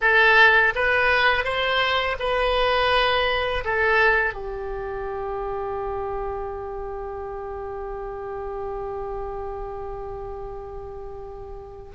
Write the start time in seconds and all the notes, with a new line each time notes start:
0.01 A4
0.75 B4
1.44 C5
2.19 B4
3.64 A4
4.33 G4